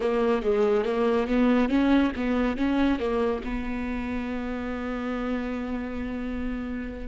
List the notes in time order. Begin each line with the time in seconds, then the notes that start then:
0.00 A#3
0.42 G#3
0.84 A#3
1.27 B3
1.69 C#4
2.16 B3
2.56 C#4
2.99 A#3
3.44 B3